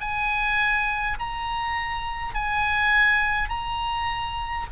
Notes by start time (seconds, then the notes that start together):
0.00 G#5
1.19 A#5
2.34 G#5
3.49 A#5